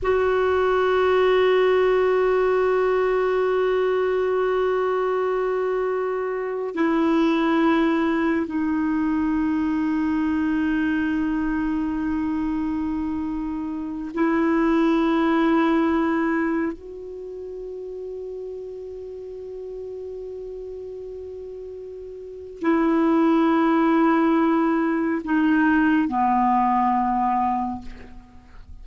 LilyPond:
\new Staff \with { instrumentName = "clarinet" } { \time 4/4 \tempo 4 = 69 fis'1~ | fis'2.~ fis'8. e'16~ | e'4.~ e'16 dis'2~ dis'16~ | dis'1~ |
dis'16 e'2. fis'8.~ | fis'1~ | fis'2 e'2~ | e'4 dis'4 b2 | }